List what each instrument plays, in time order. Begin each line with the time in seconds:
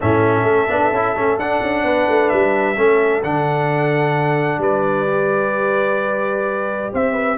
0.00 tuba A2, trombone C#4, horn A4, trumpet E5
0.42 tuba A3
0.68 tuba B3, trombone D4
0.91 tuba C#4, trombone E4
1.15 tuba A3, trombone C#4
1.38 tuba D4, trombone D4, trumpet F#5
1.62 tuba C#4
1.83 tuba B3, horn B4
2.08 tuba A3
2.29 tuba G3, trumpet E5
2.76 tuba A3, trombone C#4, horn A4
3.23 tuba D3, trombone D4, trumpet F#5
4.58 tuba G3, horn B4, trumpet D5
5.07 trombone G4
6.92 tuba C4, horn C5, trumpet E5
7.12 horn B4